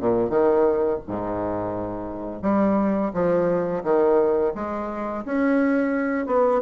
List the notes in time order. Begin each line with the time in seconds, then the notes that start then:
0.00 A#2
0.29 D#3
1.08 G#2
2.42 G3
3.14 F3
3.84 D#3
4.55 G#3
5.25 C#4
6.27 B3